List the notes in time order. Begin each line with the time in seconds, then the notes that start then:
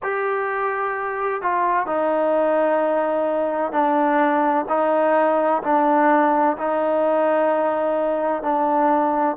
0.03 G4
1.41 F4
1.86 D#4
3.72 D4
4.68 D#4
5.62 D4
6.57 D#4
8.42 D4